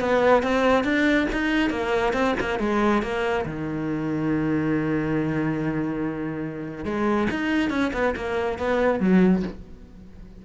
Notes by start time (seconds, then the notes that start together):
0.00 B3
0.42 C4
0.84 D4
1.32 D#4
1.70 A#3
2.13 C4
2.40 A#3
2.59 G#3
3.02 A#3
3.45 D#3
6.85 G#3
7.30 D#4
7.70 C#4
7.93 B3
8.16 A#3
8.58 B3
9.00 F#3